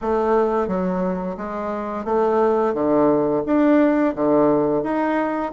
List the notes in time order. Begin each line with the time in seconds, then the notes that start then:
0.01 A3
0.67 F#3
1.37 G#3
2.04 A3
2.74 D3
3.45 D4
4.15 D3
4.83 D#4